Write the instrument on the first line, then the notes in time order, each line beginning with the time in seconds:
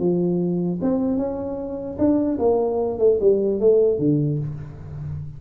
tuba
0.00 F3
0.82 C4
1.18 C#4
1.99 D4
2.39 A#3
2.99 A3
3.21 G3
3.61 A3
3.99 D3